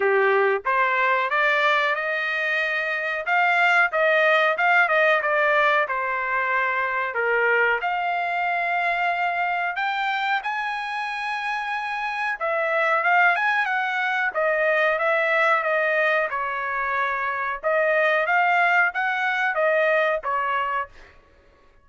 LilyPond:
\new Staff \with { instrumentName = "trumpet" } { \time 4/4 \tempo 4 = 92 g'4 c''4 d''4 dis''4~ | dis''4 f''4 dis''4 f''8 dis''8 | d''4 c''2 ais'4 | f''2. g''4 |
gis''2. e''4 | f''8 gis''8 fis''4 dis''4 e''4 | dis''4 cis''2 dis''4 | f''4 fis''4 dis''4 cis''4 | }